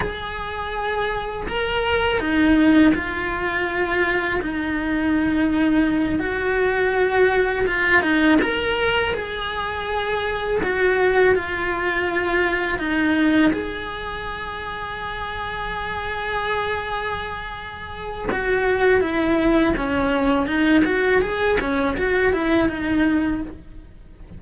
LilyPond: \new Staff \with { instrumentName = "cello" } { \time 4/4 \tempo 4 = 82 gis'2 ais'4 dis'4 | f'2 dis'2~ | dis'8 fis'2 f'8 dis'8 ais'8~ | ais'8 gis'2 fis'4 f'8~ |
f'4. dis'4 gis'4.~ | gis'1~ | gis'4 fis'4 e'4 cis'4 | dis'8 fis'8 gis'8 cis'8 fis'8 e'8 dis'4 | }